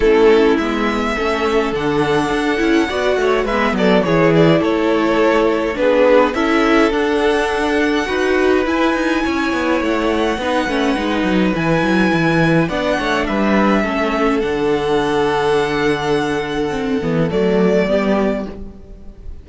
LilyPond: <<
  \new Staff \with { instrumentName = "violin" } { \time 4/4 \tempo 4 = 104 a'4 e''2 fis''4~ | fis''2 e''8 d''8 cis''8 d''8 | cis''2 b'4 e''4 | fis''2. gis''4~ |
gis''4 fis''2. | gis''2 fis''4 e''4~ | e''4 fis''2.~ | fis''2 d''2 | }
  \new Staff \with { instrumentName = "violin" } { \time 4/4 e'2 a'2~ | a'4 d''8 cis''8 b'8 a'8 gis'4 | a'2 gis'4 a'4~ | a'2 b'2 |
cis''2 b'2~ | b'2 d''8 cis''8 b'4 | a'1~ | a'2. g'4 | }
  \new Staff \with { instrumentName = "viola" } { \time 4/4 cis'4 b4 cis'4 d'4~ | d'8 e'8 fis'4 b4 e'4~ | e'2 d'4 e'4 | d'2 fis'4 e'4~ |
e'2 dis'8 cis'8 dis'4 | e'2 d'2 | cis'4 d'2.~ | d'4 c'8 b8 a4 b4 | }
  \new Staff \with { instrumentName = "cello" } { \time 4/4 a4 gis4 a4 d4 | d'8 cis'8 b8 a8 gis8 fis8 e4 | a2 b4 cis'4 | d'2 dis'4 e'8 dis'8 |
cis'8 b8 a4 b8 a8 gis8 fis8 | e8 fis8 e4 b8 a8 g4 | a4 d2.~ | d4. e8 fis4 g4 | }
>>